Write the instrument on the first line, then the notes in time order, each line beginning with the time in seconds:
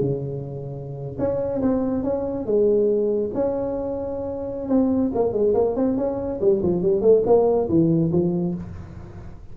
tuba
0.00 C#3
1.19 C#4
1.62 C4
2.03 C#4
2.46 G#3
3.34 C#4
4.69 C4
5.14 A#3
5.33 G#3
5.54 A#3
5.76 C4
5.97 C#4
6.40 G3
6.62 F3
6.82 G3
7.01 A3
7.26 A#3
7.69 E3
8.12 F3